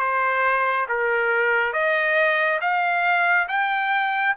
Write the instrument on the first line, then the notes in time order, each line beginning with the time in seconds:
trumpet
0.00 C5
0.89 A#4
1.73 D#5
2.61 F5
3.49 G5